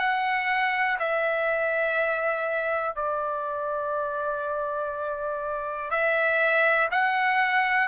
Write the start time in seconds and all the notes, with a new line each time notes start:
0.00 F#5
1.00 E5
2.96 D5
5.91 E5
6.92 F#5